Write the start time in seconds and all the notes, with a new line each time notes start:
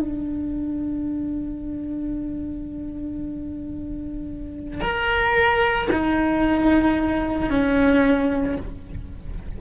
0.00 D4
4.80 A#4
5.92 D#4
7.50 C#4